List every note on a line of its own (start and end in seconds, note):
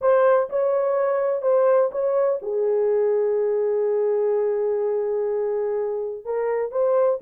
0.01 0.49 C5
0.49 1.42 C#5
1.42 1.90 C5
1.91 2.39 C#5
2.42 6.24 G#4
6.24 6.71 A#4
6.71 7.19 C5